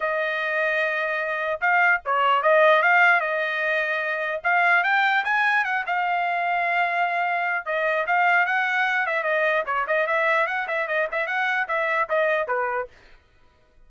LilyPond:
\new Staff \with { instrumentName = "trumpet" } { \time 4/4 \tempo 4 = 149 dis''1 | f''4 cis''4 dis''4 f''4 | dis''2. f''4 | g''4 gis''4 fis''8 f''4.~ |
f''2. dis''4 | f''4 fis''4. e''8 dis''4 | cis''8 dis''8 e''4 fis''8 e''8 dis''8 e''8 | fis''4 e''4 dis''4 b'4 | }